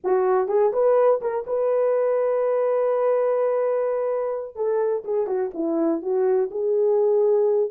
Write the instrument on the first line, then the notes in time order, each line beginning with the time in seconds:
horn
0.03 F#4
0.48 G#4
0.72 B4
1.21 A#4
1.46 B4
4.55 A4
5.04 G#4
5.26 F#4
5.54 E4
6.02 F#4
6.50 G#4